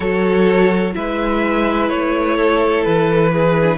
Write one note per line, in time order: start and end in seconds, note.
0.00 0.94 F#3
0.00 0.93 F#4
0.00 0.92 A4
0.00 0.94 C#5
0.93 1.90 G#3
0.93 3.55 E4
0.93 2.37 B4
0.93 1.89 E5
1.89 2.85 A3
1.89 2.84 C#5
2.37 3.32 A4
2.84 3.78 E3
2.84 3.78 B4
3.32 3.78 G#4
3.61 3.78 D4